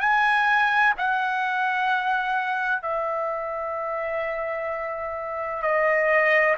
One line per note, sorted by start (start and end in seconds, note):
0.00 0.94 G#5
0.98 2.83 F#5
2.83 5.62 E5
5.62 6.56 D#5